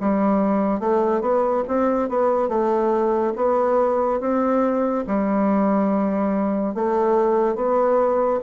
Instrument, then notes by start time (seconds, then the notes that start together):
bassoon
0.00 G3
0.79 A3
1.21 B3
1.67 C4
2.09 B3
2.48 A3
3.35 B3
4.19 C4
5.07 G3
6.75 A3
7.55 B3